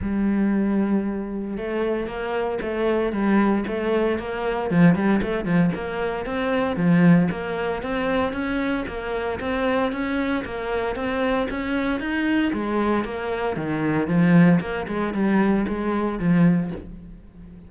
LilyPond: \new Staff \with { instrumentName = "cello" } { \time 4/4 \tempo 4 = 115 g2. a4 | ais4 a4 g4 a4 | ais4 f8 g8 a8 f8 ais4 | c'4 f4 ais4 c'4 |
cis'4 ais4 c'4 cis'4 | ais4 c'4 cis'4 dis'4 | gis4 ais4 dis4 f4 | ais8 gis8 g4 gis4 f4 | }